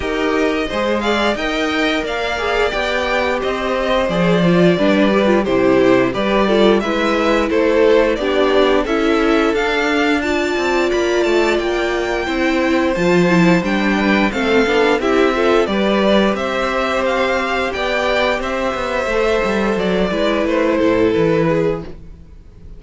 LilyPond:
<<
  \new Staff \with { instrumentName = "violin" } { \time 4/4 \tempo 4 = 88 dis''4. f''8 g''4 f''4 | g''4 dis''4 d''2 | c''4 d''4 e''4 c''4 | d''4 e''4 f''4 a''4 |
b''8 a''8 g''2 a''4 | g''4 f''4 e''4 d''4 | e''4 f''4 g''4 e''4~ | e''4 d''4 c''4 b'4 | }
  \new Staff \with { instrumentName = "violin" } { \time 4/4 ais'4 c''8 d''8 dis''4 d''4~ | d''4 c''2 b'4 | g'4 b'8 a'8 b'4 a'4 | g'4 a'2 d''4~ |
d''2 c''2~ | c''8 b'8 a'4 g'8 a'8 b'4 | c''2 d''4 c''4~ | c''4. b'4 a'4 gis'8 | }
  \new Staff \with { instrumentName = "viola" } { \time 4/4 g'4 gis'4 ais'4. gis'8 | g'2 gis'8 f'8 d'8 g'16 f'16 | e'4 g'8 f'8 e'2 | d'4 e'4 d'4 f'4~ |
f'2 e'4 f'8 e'8 | d'4 c'8 d'8 e'8 f'8 g'4~ | g'1 | a'4. e'2~ e'8 | }
  \new Staff \with { instrumentName = "cello" } { \time 4/4 dis'4 gis4 dis'4 ais4 | b4 c'4 f4 g4 | c4 g4 gis4 a4 | b4 cis'4 d'4. c'8 |
ais8 a8 ais4 c'4 f4 | g4 a8 b8 c'4 g4 | c'2 b4 c'8 b8 | a8 g8 fis8 gis8 a8 a,8 e4 | }
>>